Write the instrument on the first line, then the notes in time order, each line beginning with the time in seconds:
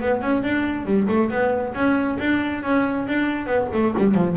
double bass
0.00 B3
0.21 C#4
0.43 D4
0.85 G3
1.08 A3
1.30 B3
1.74 C#4
2.19 D4
2.63 C#4
3.08 D4
3.46 B3
3.73 A3
3.97 G3
4.14 F3